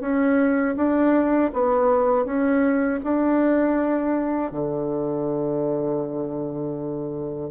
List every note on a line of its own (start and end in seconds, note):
0.00 0.75 C#4
0.76 1.51 D4
1.53 2.25 B3
2.25 3.00 C#4
3.03 4.51 D4
4.51 7.50 D3